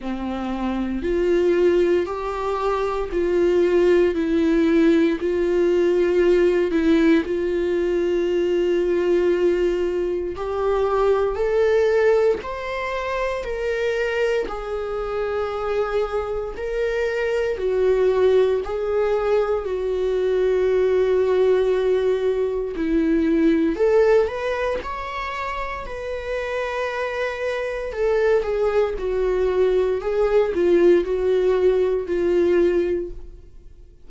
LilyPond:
\new Staff \with { instrumentName = "viola" } { \time 4/4 \tempo 4 = 58 c'4 f'4 g'4 f'4 | e'4 f'4. e'8 f'4~ | f'2 g'4 a'4 | c''4 ais'4 gis'2 |
ais'4 fis'4 gis'4 fis'4~ | fis'2 e'4 a'8 b'8 | cis''4 b'2 a'8 gis'8 | fis'4 gis'8 f'8 fis'4 f'4 | }